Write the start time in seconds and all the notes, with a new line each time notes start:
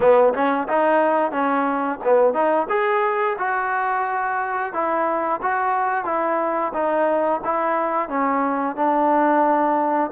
0.00 B3
0.33 C#4
0.68 D#4
1.31 C#4
2.04 B3
2.33 D#4
2.69 G#4
3.38 F#4
4.73 E4
5.41 F#4
6.05 E4
6.73 D#4
7.44 E4
8.09 C#4
8.76 D4